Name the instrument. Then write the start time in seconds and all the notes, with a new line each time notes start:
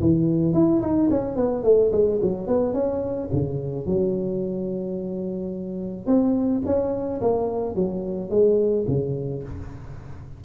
tuba
0.00 E3
0.53 E4
0.81 D#4
1.10 C#4
1.36 B3
1.63 A3
1.92 G#3
2.21 F#3
2.47 B3
2.73 C#4
3.32 C#3
3.86 F#3
6.06 C4
6.65 C#4
7.21 A#3
7.75 F#3
8.30 G#3
8.87 C#3